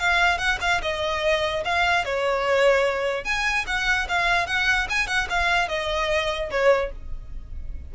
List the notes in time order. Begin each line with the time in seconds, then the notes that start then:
0.00 F5
0.38 F#5
0.61 F5
0.82 D#5
1.65 F5
2.05 C#5
3.25 G#5
3.67 F#5
4.09 F5
4.47 F#5
4.90 G#5
5.08 F#5
5.30 F5
5.69 D#5
6.51 C#5